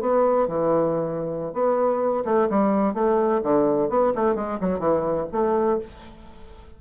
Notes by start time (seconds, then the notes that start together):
0.00 B3
0.47 E3
1.53 B3
2.24 A3
2.49 G3
2.94 A3
3.43 D3
3.89 B3
4.15 A3
4.35 G#3
4.60 F#3
4.79 E3
5.32 A3